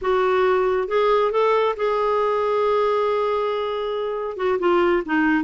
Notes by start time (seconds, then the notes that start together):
0.01 F#4
0.87 G#4
1.31 A4
1.76 G#4
4.37 F#4
4.59 F4
5.05 D#4